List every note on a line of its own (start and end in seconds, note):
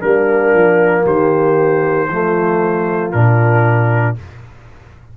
0.00 0.53 G3
0.00 2.08 A#3
0.00 1.03 D4
0.00 1.04 A#4
0.53 1.05 F3
1.04 2.09 D#3
1.04 2.07 G4
1.04 3.11 C5
2.09 3.12 F3
2.09 3.12 A3
2.09 4.17 F4
3.11 4.17 A#2
3.11 4.16 D4
3.11 4.15 A#4